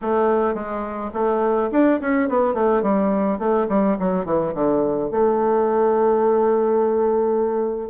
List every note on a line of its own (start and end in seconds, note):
0.01 0.54 A3
0.54 1.10 G#3
1.13 1.70 A3
1.71 2.00 D4
2.00 2.28 C#4
2.28 2.53 B3
2.53 2.82 A3
2.82 3.38 G3
3.38 3.66 A3
3.68 3.97 G3
3.99 4.25 F#3
4.25 4.53 E3
4.54 5.10 D3
5.10 7.90 A3